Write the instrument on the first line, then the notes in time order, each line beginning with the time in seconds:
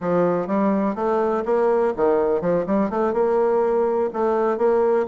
bassoon
0.00 F3
0.47 G3
0.95 A3
1.45 A#3
1.96 D#3
2.41 F3
2.66 G3
2.90 A3
3.13 A#3
4.13 A3
4.57 A#3